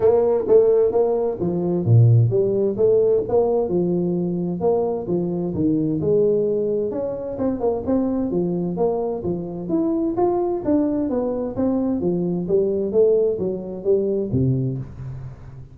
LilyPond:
\new Staff \with { instrumentName = "tuba" } { \time 4/4 \tempo 4 = 130 ais4 a4 ais4 f4 | ais,4 g4 a4 ais4 | f2 ais4 f4 | dis4 gis2 cis'4 |
c'8 ais8 c'4 f4 ais4 | f4 e'4 f'4 d'4 | b4 c'4 f4 g4 | a4 fis4 g4 c4 | }